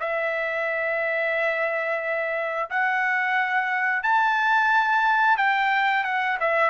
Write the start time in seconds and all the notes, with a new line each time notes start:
0.00 E5
2.70 F#5
4.03 A5
5.37 G5
6.04 F#5
6.40 E5